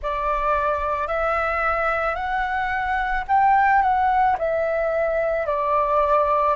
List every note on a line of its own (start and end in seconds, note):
0.02 1.07 D5
1.07 2.15 E5
2.15 3.24 F#5
3.27 3.82 G5
3.82 4.36 F#5
4.38 5.46 E5
5.46 6.55 D5